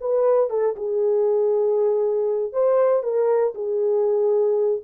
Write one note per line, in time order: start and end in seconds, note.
0.00 0.49 B4
0.49 0.75 A4
0.76 2.52 G#4
2.52 3.03 C5
3.03 3.53 A#4
3.54 4.81 G#4